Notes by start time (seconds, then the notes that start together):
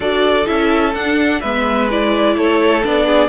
0.00 D4 F#4 A4 D5
0.46 C#4 E4 E5
0.94 D4 F#5
1.40 G#3 B3 B4 E5
1.90 E4 D5
2.36 A3 A4 C#5
2.82 B3 D4 D5
3.06 G#4